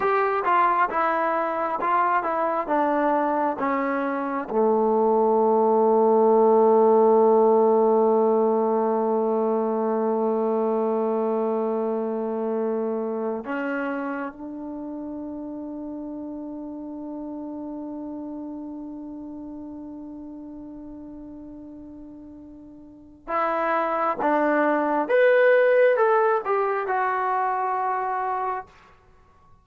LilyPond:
\new Staff \with { instrumentName = "trombone" } { \time 4/4 \tempo 4 = 67 g'8 f'8 e'4 f'8 e'8 d'4 | cis'4 a2.~ | a1~ | a2. cis'4 |
d'1~ | d'1~ | d'2 e'4 d'4 | b'4 a'8 g'8 fis'2 | }